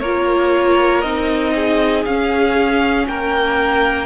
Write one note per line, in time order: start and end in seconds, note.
0.00 1.03 A#3
0.00 1.04 F4
0.00 1.54 A#4
0.00 1.02 C#5
1.02 2.05 C4
1.02 2.06 D#4
1.02 2.03 D#5
1.55 3.07 G#4
2.05 3.07 C#4
2.05 4.06 C#4
2.05 3.07 F5
3.08 4.06 A#3
3.08 4.06 A#4
3.08 4.06 G5